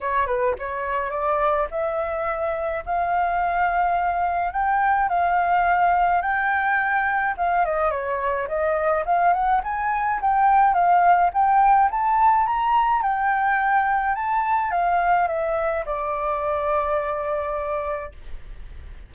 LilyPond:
\new Staff \with { instrumentName = "flute" } { \time 4/4 \tempo 4 = 106 cis''8 b'8 cis''4 d''4 e''4~ | e''4 f''2. | g''4 f''2 g''4~ | g''4 f''8 dis''8 cis''4 dis''4 |
f''8 fis''8 gis''4 g''4 f''4 | g''4 a''4 ais''4 g''4~ | g''4 a''4 f''4 e''4 | d''1 | }